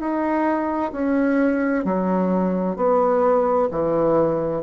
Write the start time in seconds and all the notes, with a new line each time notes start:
0.00 D#4
0.92 C#4
1.85 F#3
2.77 B3
3.71 E3